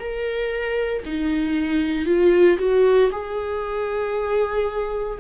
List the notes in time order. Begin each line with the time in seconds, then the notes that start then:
0.00 A#4
1.05 D#4
2.06 F4
2.59 F#4
3.12 G#4